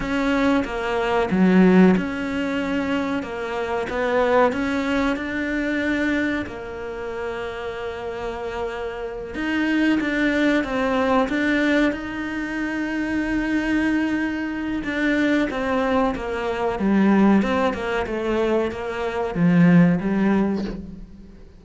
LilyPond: \new Staff \with { instrumentName = "cello" } { \time 4/4 \tempo 4 = 93 cis'4 ais4 fis4 cis'4~ | cis'4 ais4 b4 cis'4 | d'2 ais2~ | ais2~ ais8 dis'4 d'8~ |
d'8 c'4 d'4 dis'4.~ | dis'2. d'4 | c'4 ais4 g4 c'8 ais8 | a4 ais4 f4 g4 | }